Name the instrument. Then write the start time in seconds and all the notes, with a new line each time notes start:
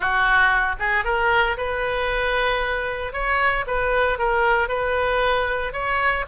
oboe
0.00 F#4
0.79 G#4
1.04 A#4
1.57 B4
3.13 C#5
3.66 B4
4.18 A#4
4.68 B4
5.72 C#5